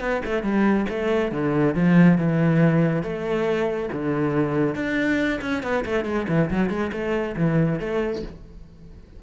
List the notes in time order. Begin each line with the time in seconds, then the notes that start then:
0.00 B3
0.25 A3
0.43 G3
0.89 A3
1.32 D3
1.75 F3
2.18 E3
3.03 A3
3.92 D3
4.75 D4
5.41 C#4
5.63 B3
5.85 A3
6.05 G#3
6.28 E3
6.50 F#3
6.69 G#3
6.92 A3
7.36 E3
7.79 A3